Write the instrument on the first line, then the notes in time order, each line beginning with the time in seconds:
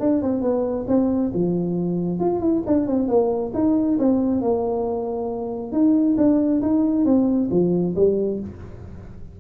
tuba
0.00 D4
0.22 C4
0.42 B3
0.88 C4
1.34 F3
2.20 F4
2.40 E4
2.67 D4
2.87 C4
3.08 A#3
3.54 D#4
3.99 C4
4.41 A#3
5.72 D#4
6.17 D4
6.62 D#4
7.05 C4
7.51 F3
7.96 G3